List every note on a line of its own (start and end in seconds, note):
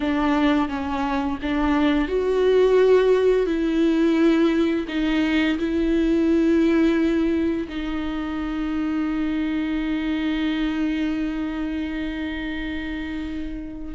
0.00 0.68 D4
0.68 1.38 C#4
1.42 2.07 D4
2.07 3.46 F#4
3.46 4.86 E4
4.88 5.58 D#4
5.58 7.67 E4
7.68 13.94 D#4